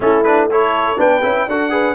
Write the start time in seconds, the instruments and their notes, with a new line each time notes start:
0.00 tuba A3, trombone C#4, horn E4, trumpet A4
0.23 trombone D4, trumpet B4
0.50 trombone E4, horn A4, trumpet C#5
0.97 tuba B3, trombone D4, horn B4, trumpet G5
1.22 tuba C#4, trombone E4
1.47 tuba D4, trombone F#4, horn A4, trumpet F#5
1.70 trombone G#4, horn B4